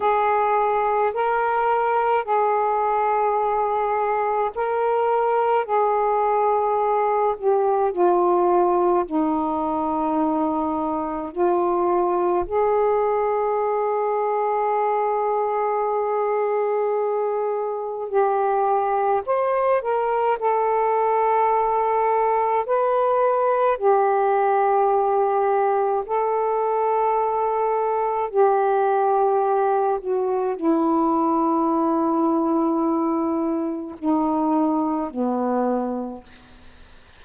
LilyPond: \new Staff \with { instrumentName = "saxophone" } { \time 4/4 \tempo 4 = 53 gis'4 ais'4 gis'2 | ais'4 gis'4. g'8 f'4 | dis'2 f'4 gis'4~ | gis'1 |
g'4 c''8 ais'8 a'2 | b'4 g'2 a'4~ | a'4 g'4. fis'8 e'4~ | e'2 dis'4 b4 | }